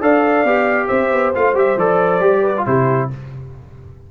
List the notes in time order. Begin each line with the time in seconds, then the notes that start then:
0.00 D4 A4 D5 F5
0.44 B3 G4
0.87 C4 C5 E5
1.12 B3
1.34 A3 F4 F5
1.53 G3 G4 E5
1.76 F3 A4 D5
2.20 G3 G4
2.42 B4
2.57 F4
2.66 C3 E4 G4 C5